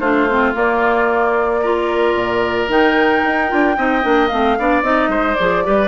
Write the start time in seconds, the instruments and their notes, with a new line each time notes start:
0.00 bassoon A3, clarinet D4, oboe F4, flute C5
0.30 clarinet C4
0.54 clarinet A#3, bassoon A#3, flute D5
1.62 clarinet F4, oboe A#4
2.15 bassoon A#2
2.68 bassoon D#3, clarinet D#4, flute G5
3.25 bassoon D#4
3.48 bassoon D4, clarinet F4
3.77 bassoon C4, clarinet D#4, oboe D#5
4.02 bassoon A#3, clarinet D4
4.28 bassoon A3, clarinet C4, flute F5
4.59 bassoon B3, clarinet D4, oboe D5
4.83 bassoon C4, clarinet D#4, flute D#5
5.08 bassoon G#3, oboe C5
5.35 bassoon F3, clarinet G#4, flute D5
5.65 bassoon G3, clarinet G4, oboe B4